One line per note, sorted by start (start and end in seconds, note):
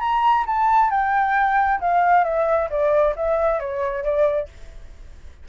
0.00 0.45 A#5
0.46 0.91 A5
0.91 1.80 G5
1.81 2.24 F5
2.24 2.69 E5
2.70 3.15 D5
3.16 3.60 E5
3.60 4.04 C#5
4.04 4.49 D5